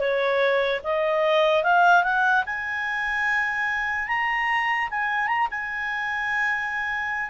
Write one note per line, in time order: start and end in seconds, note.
0.00 0.81 C#5
0.84 1.64 D#5
1.64 2.04 F5
2.04 2.44 F#5
2.46 4.08 G#5
4.08 4.89 A#5
4.91 5.27 G#5
5.27 5.48 A#5
5.51 7.30 G#5